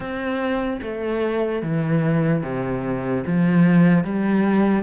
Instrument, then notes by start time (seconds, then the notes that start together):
cello
0.00 C4
0.81 A3
1.62 E3
2.43 C3
3.26 F3
4.04 G3